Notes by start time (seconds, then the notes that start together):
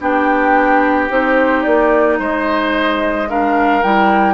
0.00 B3 D4 G4 G5
1.09 C4 D#4 C5
1.62 A#3 D5
2.19 G#3 C5 D#5
3.27 D4 A#4 F5
3.82 G3 E4 G5